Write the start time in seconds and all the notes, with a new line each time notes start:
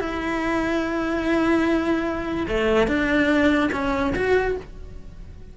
0.00 E4
2.48 A3
2.87 D4
3.72 C#4
4.15 F#4